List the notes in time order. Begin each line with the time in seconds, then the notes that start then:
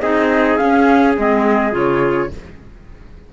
0.00 C4 D#4 G#4 D#5
0.57 C#4 F5
1.17 G#3 C4 D#5
1.72 C#3 F4 C#5